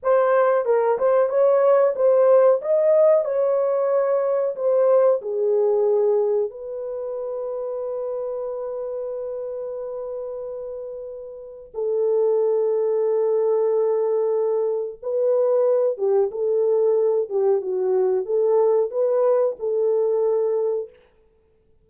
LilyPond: \new Staff \with { instrumentName = "horn" } { \time 4/4 \tempo 4 = 92 c''4 ais'8 c''8 cis''4 c''4 | dis''4 cis''2 c''4 | gis'2 b'2~ | b'1~ |
b'2 a'2~ | a'2. b'4~ | b'8 g'8 a'4. g'8 fis'4 | a'4 b'4 a'2 | }